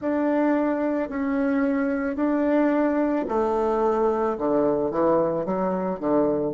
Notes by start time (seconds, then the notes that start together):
0.00 D4
1.09 C#4
2.16 D4
3.28 A3
4.37 D3
4.90 E3
5.45 F#3
6.00 D3